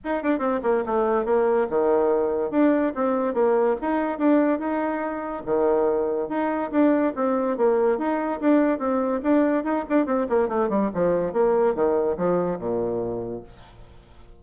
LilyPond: \new Staff \with { instrumentName = "bassoon" } { \time 4/4 \tempo 4 = 143 dis'8 d'8 c'8 ais8 a4 ais4 | dis2 d'4 c'4 | ais4 dis'4 d'4 dis'4~ | dis'4 dis2 dis'4 |
d'4 c'4 ais4 dis'4 | d'4 c'4 d'4 dis'8 d'8 | c'8 ais8 a8 g8 f4 ais4 | dis4 f4 ais,2 | }